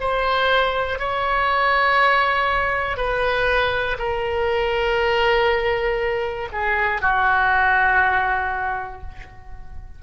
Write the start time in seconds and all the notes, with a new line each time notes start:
0.00 C5
0.99 C#5
2.96 B4
3.99 A#4
6.52 G#4
7.01 F#4